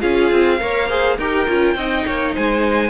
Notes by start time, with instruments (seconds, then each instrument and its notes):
0.00 cello C#4, viola F4, violin G#4 F5
0.32 cello C4
0.60 cello A#3, viola A#4, violin C#5
0.88 viola G#4, violin C5
1.18 cello D#4, viola G4, violin A#4 G5
1.48 cello C#4, viola F4
1.75 cello C4, viola D#4, violin D#5
2.06 cello A#3, violin C#5
2.35 cello G#3, violin C5 G#5